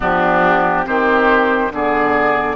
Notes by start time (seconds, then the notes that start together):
0.00 F3 B3 D4 G4
0.85 D#3 C4 G4 C5
1.71 D3 B3 G#4 D5